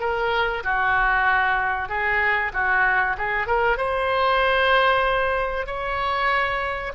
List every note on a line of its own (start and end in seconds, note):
0.00 0.63 A#4
0.63 1.89 F#4
1.89 2.52 G#4
2.53 3.16 F#4
3.18 3.47 G#4
3.47 3.77 A#4
3.77 5.66 C5
5.66 6.93 C#5